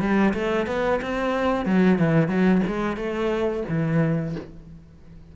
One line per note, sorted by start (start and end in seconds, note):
0.00 0.33 G3
0.34 0.66 A3
0.66 1.00 B3
1.01 1.65 C4
1.65 1.98 F#3
1.98 2.28 E3
2.28 2.61 F#3
2.67 2.96 G#3
2.96 3.63 A3
3.68 4.35 E3